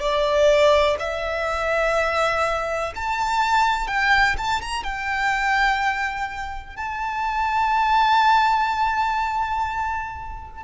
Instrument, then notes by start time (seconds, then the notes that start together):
violin
0.00 D5
1.00 E5
2.96 A5
3.88 G5
4.37 A5
4.61 A#5
4.83 G5
6.76 A5